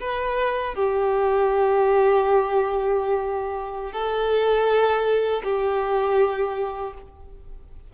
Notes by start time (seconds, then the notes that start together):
0.00 B4
0.75 G4
3.92 A4
5.43 G4